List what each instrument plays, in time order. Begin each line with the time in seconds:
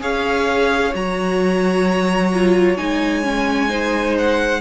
0.00 cello C#4, viola G#4, violin C#5 F5
0.94 cello F#3, viola F#4, violin A#5
2.33 viola F4
2.77 cello G#3, viola D#4, violin G#5
3.23 viola C#4
3.69 viola D#4, violin C5
4.18 violin F#5